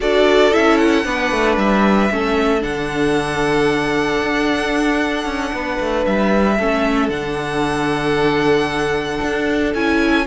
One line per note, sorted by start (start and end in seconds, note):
0.00 0.54 D4
0.00 0.52 F#4
0.00 1.05 A4
0.00 0.53 D5
0.52 1.05 C#4
0.52 1.04 E4
0.52 0.77 E5
0.77 1.56 F#5
1.04 1.31 B3
1.04 2.09 D4
1.04 2.12 B4
1.31 1.57 A3
1.57 2.09 G3
1.57 2.62 E5
2.10 2.63 A3
2.10 2.60 C#4
2.10 5.54 A4
2.60 4.21 D3
2.60 6.55 D4
2.60 6.04 F#5
4.21 5.25 D4
5.25 5.51 C#4
5.52 5.79 B3
5.52 6.57 B4
5.79 6.06 A3
6.06 6.59 G3
6.06 7.09 E5
6.57 7.09 A3
6.57 7.11 C#4
6.57 10.26 A4
7.09 9.19 D3
7.09 9.74 D4
7.09 9.72 F#5
9.21 9.74 D4
9.74 10.26 C#4
9.74 10.26 E4
9.74 10.26 G#5